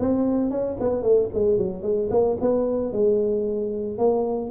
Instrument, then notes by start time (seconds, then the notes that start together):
tuba
0.00 C4
0.51 C#4
0.80 B3
1.03 A3
1.34 G#3
1.58 F#3
1.83 G#3
2.11 A#3
2.41 B3
2.93 G#3
3.98 A#3